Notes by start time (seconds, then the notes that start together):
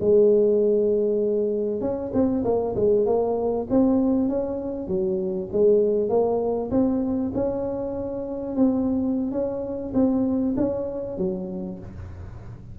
0.00 G#3
1.81 C#4
2.13 C4
2.44 A#3
2.75 G#3
3.06 A#3
3.70 C4
4.29 C#4
4.87 F#3
5.52 G#3
6.09 A#3
6.70 C4
7.34 C#4
8.55 C4
9.31 C#4
9.94 C4
10.56 C#4
11.17 F#3